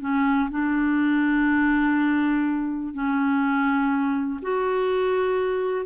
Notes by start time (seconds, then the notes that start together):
0.00 C#4
0.50 D4
2.93 C#4
4.42 F#4